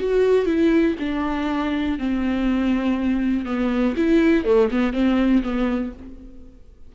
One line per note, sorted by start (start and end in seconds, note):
0.00 0.46 F#4
0.46 0.96 E4
0.99 1.99 D4
1.99 3.46 C4
3.46 3.95 B3
3.97 4.45 E4
4.45 4.69 A3
4.71 4.93 B3
4.93 5.43 C4
5.43 5.93 B3